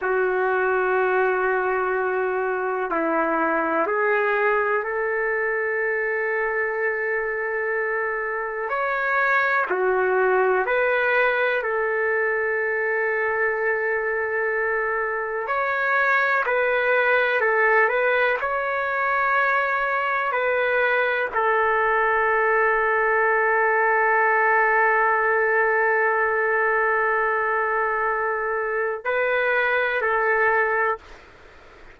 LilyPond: \new Staff \with { instrumentName = "trumpet" } { \time 4/4 \tempo 4 = 62 fis'2. e'4 | gis'4 a'2.~ | a'4 cis''4 fis'4 b'4 | a'1 |
cis''4 b'4 a'8 b'8 cis''4~ | cis''4 b'4 a'2~ | a'1~ | a'2 b'4 a'4 | }